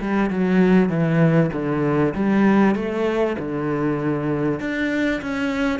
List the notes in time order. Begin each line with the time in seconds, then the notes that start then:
0.00 G3
0.29 F#3
0.89 E3
1.53 D3
2.14 G3
2.75 A3
3.38 D3
4.60 D4
5.21 C#4